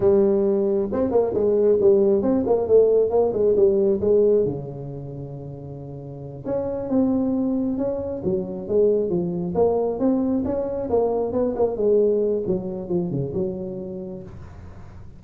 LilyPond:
\new Staff \with { instrumentName = "tuba" } { \time 4/4 \tempo 4 = 135 g2 c'8 ais8 gis4 | g4 c'8 ais8 a4 ais8 gis8 | g4 gis4 cis2~ | cis2~ cis8 cis'4 c'8~ |
c'4. cis'4 fis4 gis8~ | gis8 f4 ais4 c'4 cis'8~ | cis'8 ais4 b8 ais8 gis4. | fis4 f8 cis8 fis2 | }